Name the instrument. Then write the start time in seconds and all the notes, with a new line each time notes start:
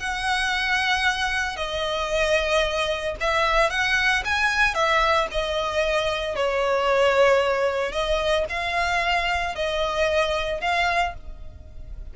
violin
0.00 F#5
1.57 D#5
3.21 E5
3.70 F#5
4.25 G#5
4.74 E5
5.31 D#5
6.36 C#5
7.92 D#5
8.50 F5
9.56 D#5
10.61 F5